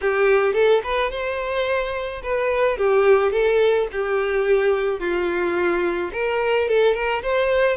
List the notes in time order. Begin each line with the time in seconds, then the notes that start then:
0.01 G4
0.53 A4
0.83 B4
1.10 C5
2.22 B4
2.77 G4
3.32 A4
3.92 G4
4.99 F4
6.12 A#4
6.68 A4
6.94 A#4
7.22 C5